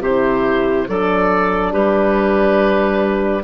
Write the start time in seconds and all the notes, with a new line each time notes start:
0.00 C3 E4 G4 C5
0.88 F#3 D4 A4 D5
1.72 G3 G4 B4